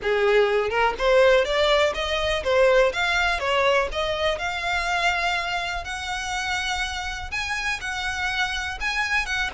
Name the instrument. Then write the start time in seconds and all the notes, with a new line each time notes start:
violin
0.02 G#4
0.69 A#4
0.98 C5
1.44 D5
1.94 D#5
2.43 C5
2.92 F5
3.39 C#5
3.92 D#5
4.38 F5
5.84 F#5
7.31 G#5
7.80 F#5
8.80 G#5
9.25 F#5